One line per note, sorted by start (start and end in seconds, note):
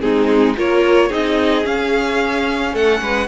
0.00 0.56 G#3
0.00 0.55 C4
0.00 0.57 D#4
0.00 0.55 G#4
0.56 1.10 A#3
0.56 1.10 F4
0.56 1.08 A#4
0.56 1.12 C#5
1.08 1.64 C4
1.08 1.63 D#4
1.08 2.72 G#4
1.08 1.66 D#5
1.63 3.27 C#4
1.63 2.73 C#4
1.63 2.75 F5
2.73 3.00 A3
2.73 3.01 A4
2.73 3.27 F#5
3.01 3.27 G#3
3.01 3.27 B4